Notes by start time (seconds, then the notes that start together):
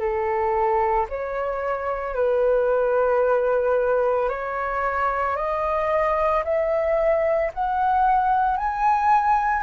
0.00 A4
1.10 C#5
2.15 B4
4.30 C#5
5.37 D#5
6.44 E5
7.54 F#5
8.58 G#5